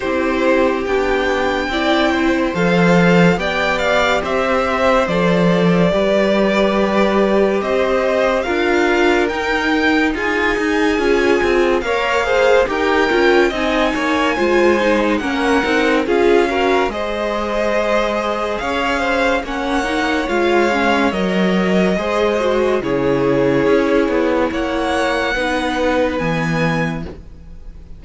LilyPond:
<<
  \new Staff \with { instrumentName = "violin" } { \time 4/4 \tempo 4 = 71 c''4 g''2 f''4 | g''8 f''8 e''4 d''2~ | d''4 dis''4 f''4 g''4 | gis''2 f''4 g''4 |
gis''2 fis''4 f''4 | dis''2 f''4 fis''4 | f''4 dis''2 cis''4~ | cis''4 fis''2 gis''4 | }
  \new Staff \with { instrumentName = "violin" } { \time 4/4 g'2 d''8 c''4. | d''4 c''2 b'4~ | b'4 c''4 ais'2 | gis'2 cis''8 c''8 ais'4 |
dis''8 cis''8 c''4 ais'4 gis'8 ais'8 | c''2 cis''8 c''8 cis''4~ | cis''2 c''4 gis'4~ | gis'4 cis''4 b'2 | }
  \new Staff \with { instrumentName = "viola" } { \time 4/4 e'4 d'4 e'4 a'4 | g'2 a'4 g'4~ | g'2 f'4 dis'4~ | dis'4 f'4 ais'8 gis'8 g'8 f'8 |
dis'4 f'8 dis'8 cis'8 dis'8 f'8 fis'8 | gis'2. cis'8 dis'8 | f'8 cis'8 ais'4 gis'8 fis'8 e'4~ | e'2 dis'4 b4 | }
  \new Staff \with { instrumentName = "cello" } { \time 4/4 c'4 b4 c'4 f4 | b4 c'4 f4 g4~ | g4 c'4 d'4 dis'4 | f'8 dis'8 cis'8 c'8 ais4 dis'8 cis'8 |
c'8 ais8 gis4 ais8 c'8 cis'4 | gis2 cis'4 ais4 | gis4 fis4 gis4 cis4 | cis'8 b8 ais4 b4 e4 | }
>>